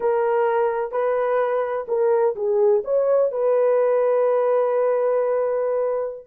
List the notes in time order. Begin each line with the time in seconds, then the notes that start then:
0.00 A#4
0.91 B4
1.87 A#4
2.35 G#4
2.84 C#5
3.31 B4